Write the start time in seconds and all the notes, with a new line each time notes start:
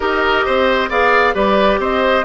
0.00 D#4 G4 A#4 D#5
0.45 C4 C5
0.89 B3 G#4 D5 F5
1.34 G3 G4 B4 D5
1.78 C4 C5 D#5